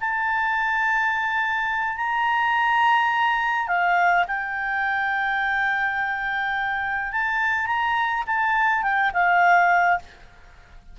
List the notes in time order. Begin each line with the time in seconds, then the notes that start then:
0.00 A5
1.97 A#5
3.67 F5
4.27 G5
7.12 A5
7.66 A#5
8.26 A5
8.82 G5
9.13 F5